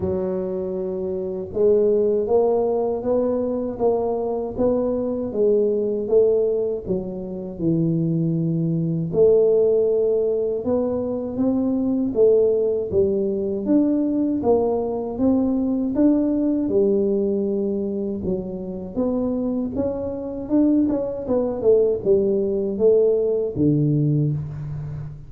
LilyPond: \new Staff \with { instrumentName = "tuba" } { \time 4/4 \tempo 4 = 79 fis2 gis4 ais4 | b4 ais4 b4 gis4 | a4 fis4 e2 | a2 b4 c'4 |
a4 g4 d'4 ais4 | c'4 d'4 g2 | fis4 b4 cis'4 d'8 cis'8 | b8 a8 g4 a4 d4 | }